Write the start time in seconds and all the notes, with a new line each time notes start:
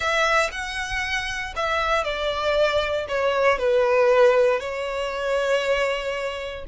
0.00 E5
0.51 F#5
1.56 E5
2.03 D5
3.08 C#5
3.58 B4
4.59 C#5